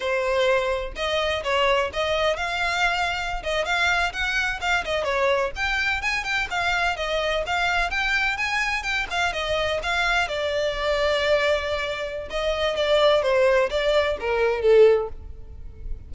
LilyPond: \new Staff \with { instrumentName = "violin" } { \time 4/4 \tempo 4 = 127 c''2 dis''4 cis''4 | dis''4 f''2~ f''16 dis''8 f''16~ | f''8. fis''4 f''8 dis''8 cis''4 g''16~ | g''8. gis''8 g''8 f''4 dis''4 f''16~ |
f''8. g''4 gis''4 g''8 f''8 dis''16~ | dis''8. f''4 d''2~ d''16~ | d''2 dis''4 d''4 | c''4 d''4 ais'4 a'4 | }